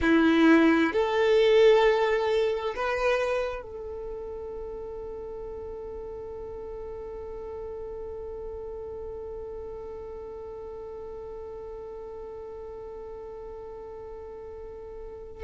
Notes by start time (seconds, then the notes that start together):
0.01 E4
0.93 A4
2.75 B4
3.62 A4